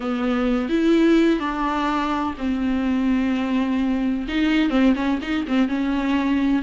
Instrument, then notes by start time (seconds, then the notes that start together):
viola
0.00 B3
0.69 E4
1.39 D4
2.38 C4
4.28 D#4
4.69 C4
4.95 C#4
5.22 D#4
5.47 C4
5.68 C#4